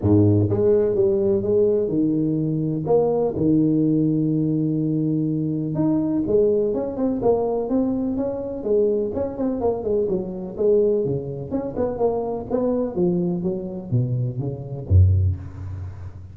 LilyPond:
\new Staff \with { instrumentName = "tuba" } { \time 4/4 \tempo 4 = 125 gis,4 gis4 g4 gis4 | dis2 ais4 dis4~ | dis1 | dis'4 gis4 cis'8 c'8 ais4 |
c'4 cis'4 gis4 cis'8 c'8 | ais8 gis8 fis4 gis4 cis4 | cis'8 b8 ais4 b4 f4 | fis4 b,4 cis4 fis,4 | }